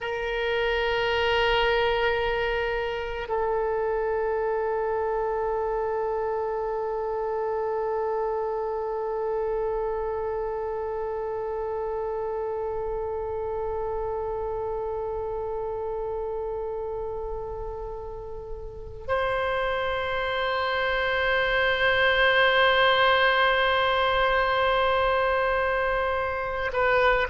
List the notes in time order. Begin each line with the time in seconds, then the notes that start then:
0.00 A#4
3.28 A4
19.07 C5
26.73 B4